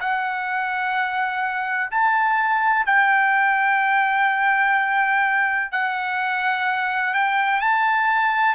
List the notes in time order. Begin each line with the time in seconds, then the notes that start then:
0.00 F#5
1.91 A5
2.86 G5
5.72 F#5
7.14 G5
7.61 A5